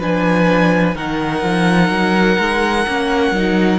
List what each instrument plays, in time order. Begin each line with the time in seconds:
0.00 cello F3, viola D4, violin B4 G#5
0.95 cello D#3, viola D#4, violin A#4 F#5
1.43 cello F3
1.90 cello F#3
2.39 cello G#3
2.87 cello A#3, viola C#4
3.32 cello F#3, viola D#4